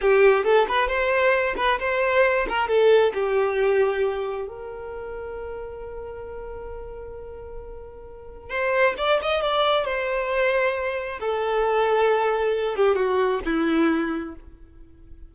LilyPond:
\new Staff \with { instrumentName = "violin" } { \time 4/4 \tempo 4 = 134 g'4 a'8 b'8 c''4. b'8 | c''4. ais'8 a'4 g'4~ | g'2 ais'2~ | ais'1~ |
ais'2. c''4 | d''8 dis''8 d''4 c''2~ | c''4 a'2.~ | a'8 g'8 fis'4 e'2 | }